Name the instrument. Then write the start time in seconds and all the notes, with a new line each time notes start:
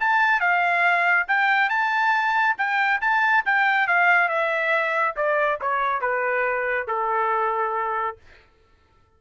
trumpet
0.00 A5
0.40 F5
1.28 G5
1.69 A5
2.57 G5
3.01 A5
3.45 G5
3.87 F5
4.29 E5
5.16 D5
5.61 C#5
6.01 B4
6.87 A4